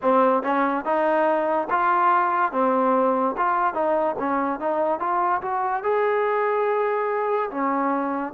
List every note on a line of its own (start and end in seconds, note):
0.02 0.42 C4
0.42 0.84 C#4
0.84 1.68 D#4
1.70 2.52 F4
2.52 3.35 C4
3.37 3.73 F4
3.73 4.15 D#4
4.19 4.59 C#4
4.59 4.99 D#4
4.99 5.41 F4
5.41 5.83 F#4
5.83 7.50 G#4
7.50 8.33 C#4